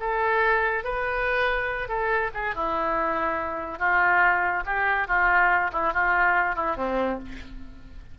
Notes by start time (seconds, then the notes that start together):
0.00 A4
0.84 B4
1.88 A4
2.34 G#4
2.55 E4
3.79 F4
4.66 G4
5.07 F4
5.72 E4
5.93 F4
6.56 E4
6.76 C4